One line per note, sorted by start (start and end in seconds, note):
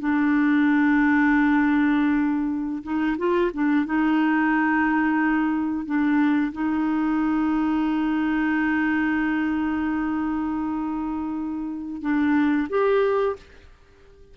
0.00 2.83 D4
2.84 3.17 D#4
3.18 3.52 F4
3.54 3.86 D4
3.86 5.86 D#4
5.86 6.52 D4
6.53 12.02 D#4
12.02 12.68 D4
12.70 13.36 G4